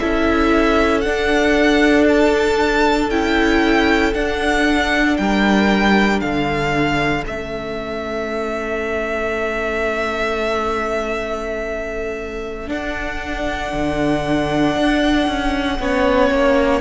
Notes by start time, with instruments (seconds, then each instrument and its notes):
0.00 cello C#4, viola E4, violin A4 E5
1.01 viola D4, cello D4, violin F#5
2.08 violin A5
3.10 cello C#4, viola E4, violin G5
4.14 viola D4, cello D4, violin F#5
5.17 cello G3, violin A#4 G5
6.21 cello D3, violin A4 F5
7.24 cello A3, viola C#4, violin E5
12.67 viola D4, cello D4, violin F#5
13.73 cello D3
14.76 cello D4
15.28 cello C#4
15.80 cello B3, viola C#4, violin C#5
16.31 cello A#3